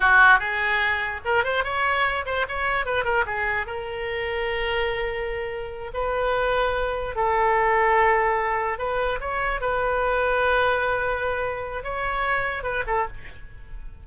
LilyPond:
\new Staff \with { instrumentName = "oboe" } { \time 4/4 \tempo 4 = 147 fis'4 gis'2 ais'8 c''8 | cis''4. c''8 cis''4 b'8 ais'8 | gis'4 ais'2.~ | ais'2~ ais'8 b'4.~ |
b'4. a'2~ a'8~ | a'4. b'4 cis''4 b'8~ | b'1~ | b'4 cis''2 b'8 a'8 | }